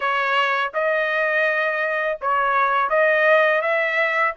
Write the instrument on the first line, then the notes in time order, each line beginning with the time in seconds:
trumpet
0.00 C#5
0.74 D#5
2.21 C#5
2.89 D#5
3.61 E5